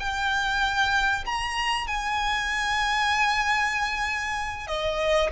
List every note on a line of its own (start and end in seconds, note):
0.00 1.25 G5
1.26 1.88 A#5
1.88 4.68 G#5
4.68 5.30 D#5